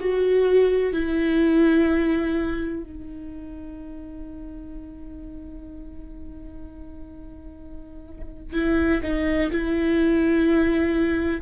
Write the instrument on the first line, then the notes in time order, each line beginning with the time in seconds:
viola
0.00 F#4
0.93 E4
2.84 D#4
8.54 E4
9.03 D#4
9.52 E4